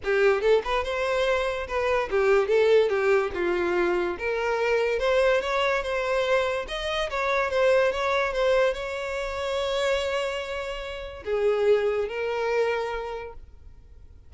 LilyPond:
\new Staff \with { instrumentName = "violin" } { \time 4/4 \tempo 4 = 144 g'4 a'8 b'8 c''2 | b'4 g'4 a'4 g'4 | f'2 ais'2 | c''4 cis''4 c''2 |
dis''4 cis''4 c''4 cis''4 | c''4 cis''2.~ | cis''2. gis'4~ | gis'4 ais'2. | }